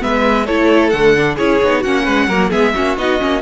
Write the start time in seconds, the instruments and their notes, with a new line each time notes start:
0.00 cello G#3, viola B3, violin B4 E5
0.46 cello A3, viola E4, violin A4 C#5
0.90 cello D3, viola A3, violin F#5
1.16 viola D4
1.35 cello C#4, viola E4, violin G#4 C#5
1.63 cello B3, viola D#4
1.80 cello A#3, viola C#4, violin F#4 F#5
2.04 cello G#3, violin B4
2.28 cello F#3, viola A#3, violin A#4
2.50 cello G#3, viola B3, violin G#4 E5
2.74 cello A#3, viola C#4, violin F#4
2.97 cello B3, viola D#4, violin D#5
3.20 cello A#3, viola C#4